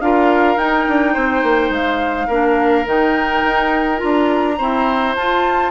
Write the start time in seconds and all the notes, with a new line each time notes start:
0.00 D4 F4 A#4 F5
0.56 D#4 G5
0.88 D4
1.13 C4 C5
1.42 A#3
1.70 G#3 F5
2.27 A#3 D4 A#4
2.85 D#3 D#4 G5
3.44 D#4
3.97 F4 A#5
4.03 D4
4.57 C4 E4 C5
5.15 F4 A5